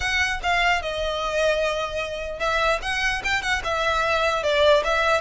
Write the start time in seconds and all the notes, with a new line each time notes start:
0.00 F#5
0.42 F5
0.82 D#5
2.39 E5
2.82 F#5
3.24 G5
3.41 F#5
3.64 E5
4.43 D5
4.84 E5